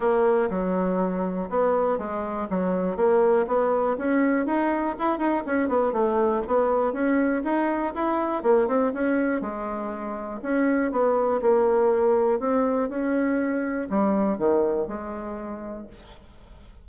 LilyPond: \new Staff \with { instrumentName = "bassoon" } { \time 4/4 \tempo 4 = 121 ais4 fis2 b4 | gis4 fis4 ais4 b4 | cis'4 dis'4 e'8 dis'8 cis'8 b8 | a4 b4 cis'4 dis'4 |
e'4 ais8 c'8 cis'4 gis4~ | gis4 cis'4 b4 ais4~ | ais4 c'4 cis'2 | g4 dis4 gis2 | }